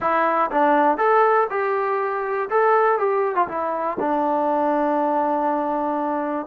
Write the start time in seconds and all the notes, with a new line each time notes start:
0.00 E4
0.50 D4
0.97 A4
1.49 G4
2.50 A4
2.98 G4
3.35 F4
3.48 E4
3.99 D4